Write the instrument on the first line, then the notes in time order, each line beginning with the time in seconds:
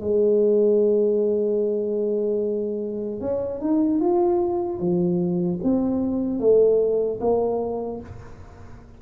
tuba
0.00 G#3
3.20 C#4
3.60 D#4
4.00 F4
4.79 F3
5.63 C4
6.39 A3
7.20 A#3